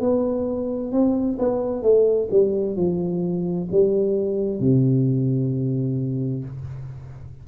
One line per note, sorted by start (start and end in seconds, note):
0.00 0.92 B3
0.92 1.38 C4
1.39 1.82 B3
1.82 2.28 A3
2.31 2.76 G3
2.76 3.68 F3
3.71 4.60 G3
4.60 6.44 C3